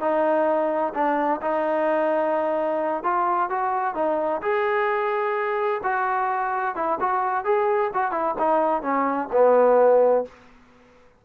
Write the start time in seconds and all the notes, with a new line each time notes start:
0.00 D#4
0.94 D4
1.41 D#4
3.03 F4
3.50 F#4
3.94 D#4
4.41 G#4
5.83 F#4
6.75 E4
7.00 F#4
7.44 G#4
7.93 F#4
8.11 E4
8.38 D#4
8.82 C#4
9.32 B3